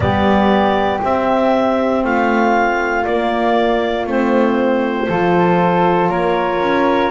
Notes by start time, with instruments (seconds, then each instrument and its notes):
0.00 double bass G3, saxophone B3, flute G4, clarinet D5
1.00 saxophone C4, double bass C4, clarinet E5
2.03 double bass A3, flute F4, clarinet F5
3.04 saxophone A#3, double bass A#3, clarinet D5
4.06 double bass A3, saxophone C4, clarinet C5
5.08 double bass F3, saxophone F4, flute A4
6.09 double bass A#3, flute A#4, clarinet C#5
6.59 double bass C#4